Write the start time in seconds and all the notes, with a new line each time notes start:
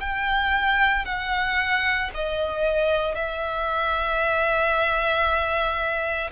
0.00 G5
1.05 F#5
2.14 D#5
3.14 E5